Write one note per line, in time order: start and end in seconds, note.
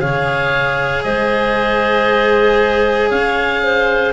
0.00 1.05 C#3
0.00 4.13 G#4
0.00 1.05 C#5
0.00 1.03 F5
1.03 3.11 G#3
1.03 3.09 C5
1.03 3.10 D#5
3.09 4.13 C#4
3.09 3.61 C#5
3.09 4.13 F5
3.63 4.13 C5